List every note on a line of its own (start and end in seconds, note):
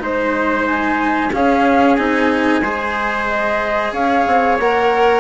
0.00 1.31 G#3
0.00 1.30 D#4
0.00 1.34 C5
0.00 0.67 C5
0.67 1.32 G#5
1.33 1.98 C#4
1.33 2.62 G#4
1.33 1.96 F5
1.96 2.61 C4
1.96 2.63 D#4
1.96 3.26 G#5
2.61 3.92 G#3
2.61 4.60 G#4
2.61 3.93 C5
3.27 3.93 D#5
3.92 4.25 C#4
3.92 5.21 C#5
3.92 4.59 F5
4.27 4.60 C4
4.60 5.21 A#3
4.60 5.21 A#4
4.60 5.21 F#5